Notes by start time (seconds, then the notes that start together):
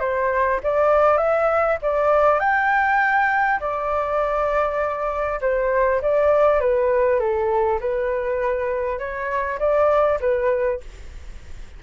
0.00 C5
0.63 D5
1.18 E5
1.82 D5
2.39 G5
3.60 D5
5.41 C5
6.02 D5
6.60 B4
7.19 A4
7.80 B4
8.99 C#5
9.59 D5
10.20 B4